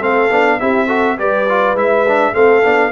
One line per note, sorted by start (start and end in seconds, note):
0.00 0.31 A3
0.00 0.30 C4
0.00 0.58 A4
0.00 0.60 F5
0.31 0.60 B3
0.31 0.60 D4
0.60 1.19 C4
0.60 0.88 E4
0.60 0.87 G4
0.60 1.18 E5
0.87 1.17 F#4
0.87 1.16 A4
1.18 1.75 G3
1.18 1.47 G4
1.18 2.33 B4
1.18 1.77 D5
1.49 1.77 F4
1.75 2.33 G#3
1.75 2.06 E4
1.75 2.35 E5
2.08 2.34 D4
2.33 2.65 A3
2.33 2.63 C4
2.33 2.92 A4
2.33 2.92 F5
2.63 2.92 B3
2.63 2.92 D4